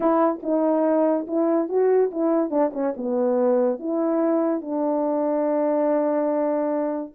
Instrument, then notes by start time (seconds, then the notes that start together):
horn
0.00 E4
0.42 D#4
1.27 E4
1.68 F#4
2.11 E4
2.50 D4
2.73 C#4
2.96 B3
3.79 E4
4.61 D4